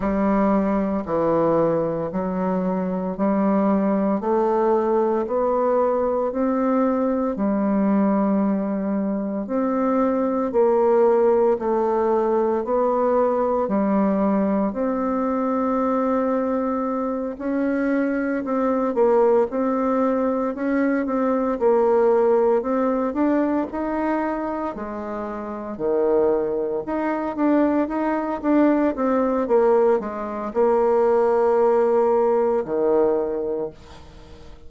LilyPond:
\new Staff \with { instrumentName = "bassoon" } { \time 4/4 \tempo 4 = 57 g4 e4 fis4 g4 | a4 b4 c'4 g4~ | g4 c'4 ais4 a4 | b4 g4 c'2~ |
c'8 cis'4 c'8 ais8 c'4 cis'8 | c'8 ais4 c'8 d'8 dis'4 gis8~ | gis8 dis4 dis'8 d'8 dis'8 d'8 c'8 | ais8 gis8 ais2 dis4 | }